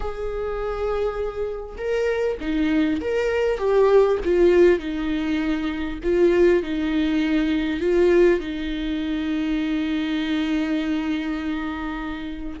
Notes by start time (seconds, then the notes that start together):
0.00 G#4
1.77 A#4
2.40 D#4
3.00 A#4
3.58 G4
4.24 F4
4.79 D#4
6.03 F4
6.62 D#4
7.80 F4
8.39 D#4